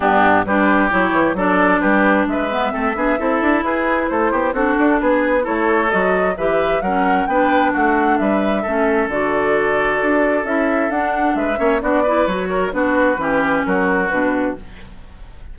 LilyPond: <<
  \new Staff \with { instrumentName = "flute" } { \time 4/4 \tempo 4 = 132 g'4 b'4 cis''4 d''4 | b'4 e''2. | b'4 c''4 a'4 b'4 | cis''4 dis''4 e''4 fis''4 |
g''4 fis''4 e''2 | d''2. e''4 | fis''4 e''4 d''4 cis''4 | b'2 ais'4 b'4 | }
  \new Staff \with { instrumentName = "oboe" } { \time 4/4 d'4 g'2 a'4 | g'4 b'4 a'8 gis'8 a'4 | gis'4 a'8 g'8 fis'4 gis'4 | a'2 b'4 ais'4 |
b'4 fis'4 b'4 a'4~ | a'1~ | a'4 b'8 cis''8 fis'8 b'4 ais'8 | fis'4 g'4 fis'2 | }
  \new Staff \with { instrumentName = "clarinet" } { \time 4/4 b4 d'4 e'4 d'4~ | d'4. b8 c'8 d'8 e'4~ | e'2 d'2 | e'4 fis'4 g'4 cis'4 |
d'2. cis'4 | fis'2. e'4 | d'4. cis'8 d'8 e'8 fis'4 | d'4 cis'2 d'4 | }
  \new Staff \with { instrumentName = "bassoon" } { \time 4/4 g,4 g4 fis8 e8 fis4 | g4 gis4 a8 b8 c'8 d'8 | e'4 a8 b8 c'8 d'8 b4 | a4 fis4 e4 fis4 |
b4 a4 g4 a4 | d2 d'4 cis'4 | d'4 gis8 ais8 b4 fis4 | b4 e4 fis4 b,4 | }
>>